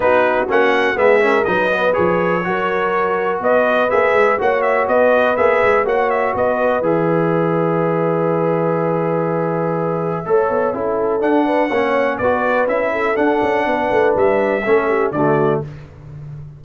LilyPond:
<<
  \new Staff \with { instrumentName = "trumpet" } { \time 4/4 \tempo 4 = 123 b'4 fis''4 e''4 dis''4 | cis''2. dis''4 | e''4 fis''8 e''8 dis''4 e''4 | fis''8 e''8 dis''4 e''2~ |
e''1~ | e''2. fis''4~ | fis''4 d''4 e''4 fis''4~ | fis''4 e''2 d''4 | }
  \new Staff \with { instrumentName = "horn" } { \time 4/4 fis'2 gis'8 ais'8 b'4~ | b'4 ais'2 b'4~ | b'4 cis''4 b'2 | cis''4 b'2.~ |
b'1~ | b'4 cis''4 a'4. b'8 | cis''4 b'4. a'4. | b'2 a'8 g'8 fis'4 | }
  \new Staff \with { instrumentName = "trombone" } { \time 4/4 dis'4 cis'4 b8 cis'8 dis'8 b8 | gis'4 fis'2. | gis'4 fis'2 gis'4 | fis'2 gis'2~ |
gis'1~ | gis'4 a'4 e'4 d'4 | cis'4 fis'4 e'4 d'4~ | d'2 cis'4 a4 | }
  \new Staff \with { instrumentName = "tuba" } { \time 4/4 b4 ais4 gis4 fis4 | f4 fis2 b4 | ais8 gis8 ais4 b4 ais8 gis8 | ais4 b4 e2~ |
e1~ | e4 a8 b8 cis'4 d'4 | ais4 b4 cis'4 d'8 cis'8 | b8 a8 g4 a4 d4 | }
>>